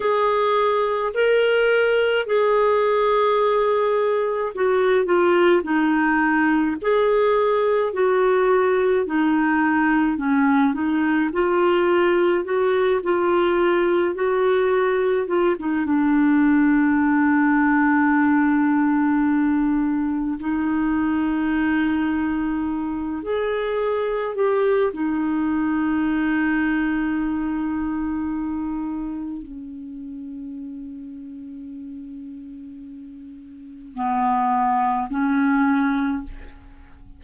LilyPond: \new Staff \with { instrumentName = "clarinet" } { \time 4/4 \tempo 4 = 53 gis'4 ais'4 gis'2 | fis'8 f'8 dis'4 gis'4 fis'4 | dis'4 cis'8 dis'8 f'4 fis'8 f'8~ | f'8 fis'4 f'16 dis'16 d'2~ |
d'2 dis'2~ | dis'8 gis'4 g'8 dis'2~ | dis'2 cis'2~ | cis'2 b4 cis'4 | }